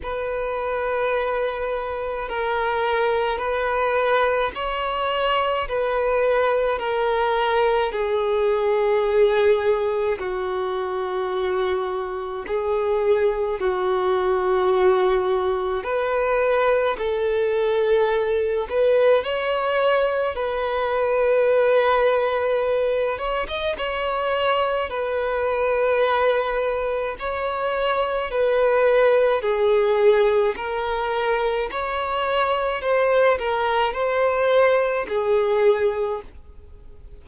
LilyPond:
\new Staff \with { instrumentName = "violin" } { \time 4/4 \tempo 4 = 53 b'2 ais'4 b'4 | cis''4 b'4 ais'4 gis'4~ | gis'4 fis'2 gis'4 | fis'2 b'4 a'4~ |
a'8 b'8 cis''4 b'2~ | b'8 cis''16 dis''16 cis''4 b'2 | cis''4 b'4 gis'4 ais'4 | cis''4 c''8 ais'8 c''4 gis'4 | }